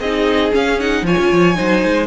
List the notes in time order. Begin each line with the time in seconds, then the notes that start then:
0.00 C4 D#4 G#4 D#5
0.52 C#4 F5
0.80 D#4 F#5
1.02 F3 F4 C#5 G#5
1.19 C#4
1.32 F3
1.55 F#3 D#4 C5
1.84 G#3